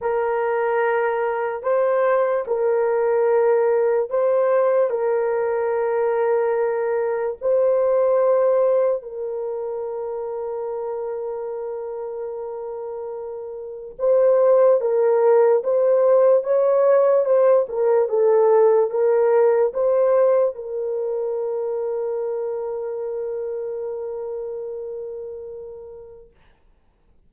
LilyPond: \new Staff \with { instrumentName = "horn" } { \time 4/4 \tempo 4 = 73 ais'2 c''4 ais'4~ | ais'4 c''4 ais'2~ | ais'4 c''2 ais'4~ | ais'1~ |
ais'4 c''4 ais'4 c''4 | cis''4 c''8 ais'8 a'4 ais'4 | c''4 ais'2.~ | ais'1 | }